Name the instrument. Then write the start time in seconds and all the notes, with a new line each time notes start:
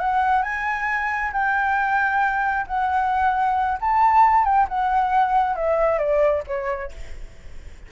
flute
0.00 F#5
0.43 G#5
1.33 G5
2.67 F#5
3.81 A5
4.45 G5
4.69 F#5
5.56 E5
5.99 D5
6.47 C#5